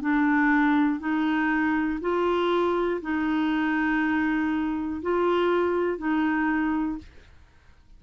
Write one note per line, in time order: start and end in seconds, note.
0.00 0.99 D4
0.99 1.99 D#4
2.00 3.00 F4
3.01 5.01 D#4
5.02 5.98 F4
5.98 6.98 D#4